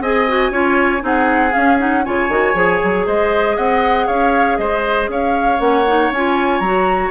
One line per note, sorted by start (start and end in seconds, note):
0.00 0.50 C4
0.00 0.28 G#4
0.00 0.51 D#5
0.00 1.04 G#5
0.28 0.52 F#4
0.50 1.01 C#4
0.50 1.00 F4
0.50 1.02 C#5
1.00 1.53 C4
1.00 1.50 D#4
1.00 2.05 G#4
1.00 1.52 F#5
1.51 1.77 C#4
1.51 2.07 C#4
1.51 1.78 F5
1.78 2.03 D#4
1.78 2.04 F#5
2.04 2.28 C#3
2.04 2.29 F4
2.04 3.06 C#5
2.04 3.06 G#5
2.28 2.54 D#3
2.28 2.54 F#4
2.54 2.79 F3
2.54 5.59 G#4
2.83 3.07 F#3
3.06 3.57 G#3
3.06 3.56 C5
3.06 3.57 D#5
3.56 4.08 C4
3.56 4.06 D#5
3.56 4.07 F#5
4.06 4.58 C#4
4.06 4.57 C#5
4.06 4.57 F5
4.57 5.08 G#3
4.57 5.10 C5
4.57 5.08 D#5
5.08 5.58 C#4
5.08 7.11 C#5
5.08 5.60 F5
5.59 6.10 A#3
5.59 5.84 C#4
5.59 6.11 F#5
5.87 6.12 D#4
6.10 6.60 C#4
6.10 6.64 F4
6.10 6.59 G#5
6.59 7.10 F#3
6.59 7.11 F#4
6.59 7.10 A#5